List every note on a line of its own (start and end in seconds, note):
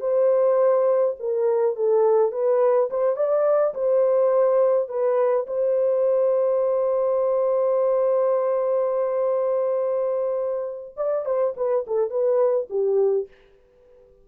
0.00 1.15 C5
1.19 1.76 A#4
1.76 2.32 A4
2.32 2.89 B4
2.90 3.16 C5
3.16 3.74 D5
3.74 4.88 C5
4.88 5.46 B4
5.47 10.95 C5
10.96 11.25 D5
11.26 11.54 C5
11.56 11.85 B4
11.87 12.10 A4
12.10 12.68 B4
12.70 13.27 G4